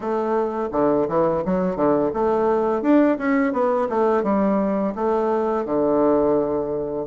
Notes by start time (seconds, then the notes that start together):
0.00 A3
0.72 D3
1.08 E3
1.45 F#3
1.76 D3
2.13 A3
2.82 D4
3.18 C#4
3.52 B3
3.89 A3
4.23 G3
4.95 A3
5.65 D3